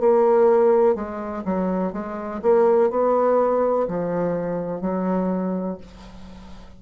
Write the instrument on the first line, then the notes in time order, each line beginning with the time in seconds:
bassoon
0.00 A#3
0.95 G#3
1.45 F#3
1.93 G#3
2.42 A#3
2.91 B3
3.88 F3
4.82 F#3